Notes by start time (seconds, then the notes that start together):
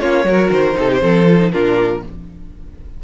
0.00 A#3 C#4 F4 C#5
0.25 F#3 F#4 A#4
0.51 D#3 C5
0.74 C3 D#4 A4
0.90 G4
1.02 F3 C4 A4
1.28 F4
1.38 D#4
1.52 A#2 D4 F4 A#4